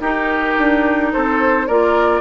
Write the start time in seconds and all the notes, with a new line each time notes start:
0.00 D#4 G4 A#4
0.58 D4
1.13 C4 A4 C5
1.67 A#3 F4 A#4 D5